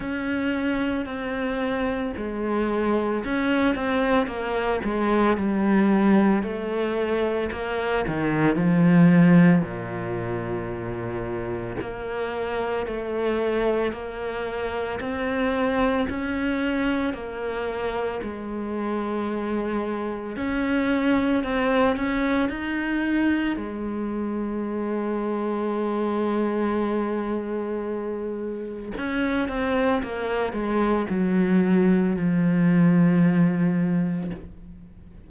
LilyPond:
\new Staff \with { instrumentName = "cello" } { \time 4/4 \tempo 4 = 56 cis'4 c'4 gis4 cis'8 c'8 | ais8 gis8 g4 a4 ais8 dis8 | f4 ais,2 ais4 | a4 ais4 c'4 cis'4 |
ais4 gis2 cis'4 | c'8 cis'8 dis'4 gis2~ | gis2. cis'8 c'8 | ais8 gis8 fis4 f2 | }